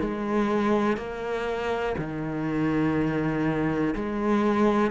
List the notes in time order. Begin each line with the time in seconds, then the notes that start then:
0.00 G#3
0.97 A#3
1.98 D#3
3.96 G#3